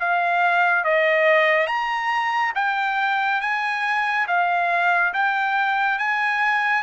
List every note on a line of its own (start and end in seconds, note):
0.00 0.85 F5
0.85 1.67 D#5
1.67 2.53 A#5
2.56 3.41 G5
3.41 4.27 G#5
4.28 5.14 F5
5.14 5.99 G5
5.99 6.83 G#5